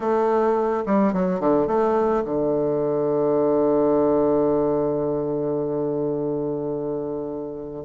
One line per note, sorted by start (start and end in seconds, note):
0.00 0.84 A3
0.86 1.13 G3
1.13 1.40 F#3
1.40 1.67 D3
1.67 2.23 A3
2.24 7.85 D3